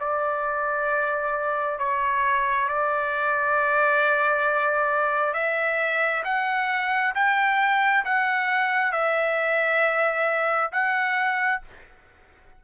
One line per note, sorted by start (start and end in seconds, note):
0.00 1.79 D5
1.79 2.68 C#5
2.68 5.34 D5
5.34 6.23 E5
6.24 7.14 F#5
7.15 8.04 G5
8.05 8.92 F#5
8.92 10.71 E5
10.72 11.62 F#5